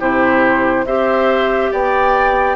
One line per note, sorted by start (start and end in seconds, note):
0.00 0.86 C3
0.00 0.86 E4
0.00 0.86 G4
0.00 0.87 C5
0.86 1.71 C4
0.86 2.56 G4
0.86 1.72 C5
0.86 1.72 E5
1.72 2.56 B3
1.72 2.56 D5
1.72 2.56 G5